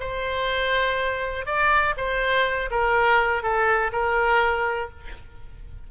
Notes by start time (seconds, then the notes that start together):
0.00 C5
1.46 D5
1.97 C5
2.71 A#4
3.43 A4
3.92 A#4